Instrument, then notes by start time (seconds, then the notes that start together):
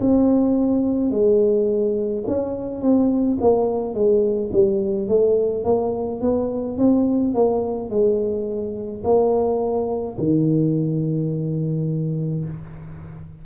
tuba
0.00 C4
1.10 G#3
2.27 C#4
2.81 C4
3.41 A#3
3.94 G#3
4.52 G3
5.08 A3
5.64 A#3
6.21 B3
6.78 C4
7.34 A#3
7.89 G#3
9.04 A#3
10.18 D#3